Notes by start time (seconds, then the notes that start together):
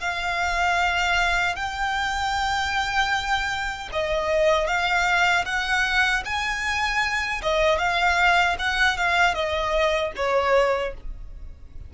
0.00 F5
1.55 G5
3.93 D#5
4.67 F5
5.45 F#5
6.25 G#5
7.42 D#5
7.79 F5
8.59 F#5
8.97 F5
9.34 D#5
10.16 C#5